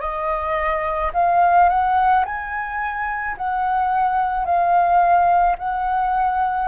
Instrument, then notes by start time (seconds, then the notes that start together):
flute
0.00 D#5
1.13 F5
1.69 F#5
2.25 G#5
3.37 F#5
4.45 F5
5.58 F#5